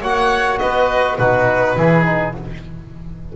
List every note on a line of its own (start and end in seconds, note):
0.00 0.60 A#3
0.00 1.19 F#4
0.00 0.58 C#5
0.00 0.58 F#5
0.58 1.19 B3
0.58 1.18 B4
0.58 1.17 D#5
1.17 1.76 B2
1.17 1.77 D#4
1.17 1.76 F#4
1.17 2.33 B4
1.76 2.35 E3
1.76 2.04 E4
1.76 2.36 G#4
2.04 2.33 D#4